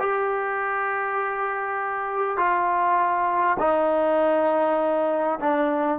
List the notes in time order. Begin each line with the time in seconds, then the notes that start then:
0.00 G4
2.38 F4
3.60 D#4
5.41 D4